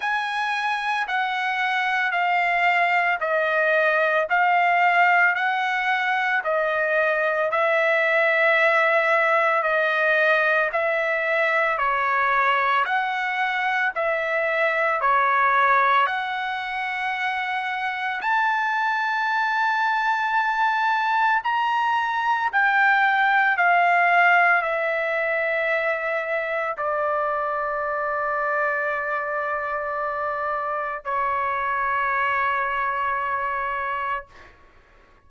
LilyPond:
\new Staff \with { instrumentName = "trumpet" } { \time 4/4 \tempo 4 = 56 gis''4 fis''4 f''4 dis''4 | f''4 fis''4 dis''4 e''4~ | e''4 dis''4 e''4 cis''4 | fis''4 e''4 cis''4 fis''4~ |
fis''4 a''2. | ais''4 g''4 f''4 e''4~ | e''4 d''2.~ | d''4 cis''2. | }